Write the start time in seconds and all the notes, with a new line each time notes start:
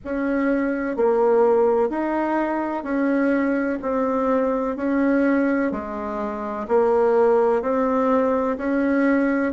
0.04 C#4
0.96 A#3
1.89 D#4
2.83 C#4
3.82 C4
4.76 C#4
5.71 G#3
6.68 A#3
7.62 C4
8.57 C#4